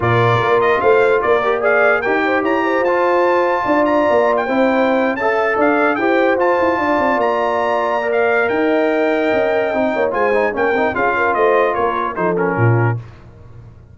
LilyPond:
<<
  \new Staff \with { instrumentName = "trumpet" } { \time 4/4 \tempo 4 = 148 d''4. dis''8 f''4 d''4 | f''4 g''4 ais''4 a''4~ | a''4. ais''4~ ais''16 g''4~ g''16~ | g''8. a''4 f''4 g''4 a''16~ |
a''4.~ a''16 ais''2~ ais''16 | f''4 g''2.~ | g''4 gis''4 g''4 f''4 | dis''4 cis''4 c''8 ais'4. | }
  \new Staff \with { instrumentName = "horn" } { \time 4/4 ais'2 c''4 ais'4 | d''4 ais'8 c''8 cis''8 c''4.~ | c''4 d''2 c''4~ | c''8. e''4 d''4 c''4~ c''16~ |
c''8. d''2.~ d''16~ | d''4 dis''2.~ | dis''8 cis''8 c''4 ais'4 gis'8 ais'8 | c''4 ais'4 a'4 f'4 | }
  \new Staff \with { instrumentName = "trombone" } { \time 4/4 f'2.~ f'8 g'8 | gis'4 g'2 f'4~ | f'2. e'4~ | e'8. a'2 g'4 f'16~ |
f'2.~ f'8. ais'16~ | ais'1 | dis'4 f'8 dis'8 cis'8 dis'8 f'4~ | f'2 dis'8 cis'4. | }
  \new Staff \with { instrumentName = "tuba" } { \time 4/4 ais,4 ais4 a4 ais4~ | ais4 dis'4 e'4 f'4~ | f'4 d'4 ais4 c'4~ | c'8. cis'4 d'4 e'4 f'16~ |
f'16 e'8 d'8 c'8 ais2~ ais16~ | ais4 dis'2 cis'4 | c'8 ais8 gis4 ais8 c'8 cis'4 | a4 ais4 f4 ais,4 | }
>>